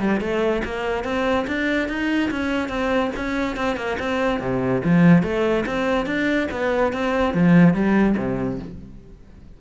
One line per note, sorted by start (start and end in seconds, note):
0.00 0.21 G3
0.21 0.63 A3
0.65 1.04 A#3
1.04 1.46 C4
1.47 1.89 D4
1.89 2.31 D#4
2.31 2.69 C#4
2.69 3.11 C4
3.16 3.57 C#4
3.57 3.76 C4
3.76 3.97 A#3
3.99 4.40 C4
4.40 4.82 C3
4.85 5.23 F3
5.23 5.65 A3
5.66 6.06 C4
6.06 6.48 D4
6.51 6.93 B3
6.93 7.34 C4
7.34 7.74 F3
7.74 8.16 G3
8.17 8.59 C3